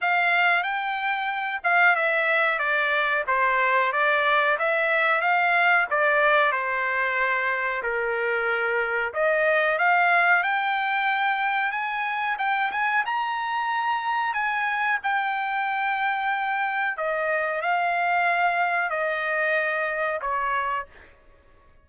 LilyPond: \new Staff \with { instrumentName = "trumpet" } { \time 4/4 \tempo 4 = 92 f''4 g''4. f''8 e''4 | d''4 c''4 d''4 e''4 | f''4 d''4 c''2 | ais'2 dis''4 f''4 |
g''2 gis''4 g''8 gis''8 | ais''2 gis''4 g''4~ | g''2 dis''4 f''4~ | f''4 dis''2 cis''4 | }